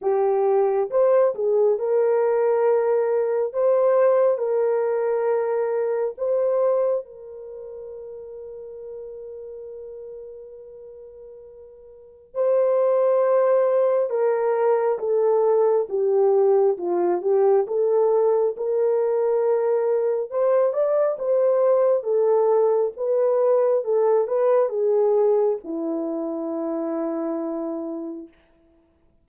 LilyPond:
\new Staff \with { instrumentName = "horn" } { \time 4/4 \tempo 4 = 68 g'4 c''8 gis'8 ais'2 | c''4 ais'2 c''4 | ais'1~ | ais'2 c''2 |
ais'4 a'4 g'4 f'8 g'8 | a'4 ais'2 c''8 d''8 | c''4 a'4 b'4 a'8 b'8 | gis'4 e'2. | }